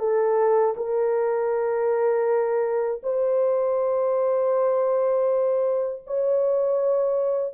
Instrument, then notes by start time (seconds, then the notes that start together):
horn
0.00 A4
0.77 A#4
3.03 C5
6.07 C#5